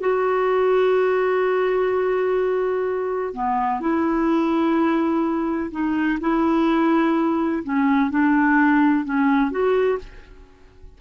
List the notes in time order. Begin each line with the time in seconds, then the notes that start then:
0.00 F#4
3.33 B3
3.80 E4
5.71 D#4
6.20 E4
7.63 C#4
8.10 D4
9.04 C#4
9.50 F#4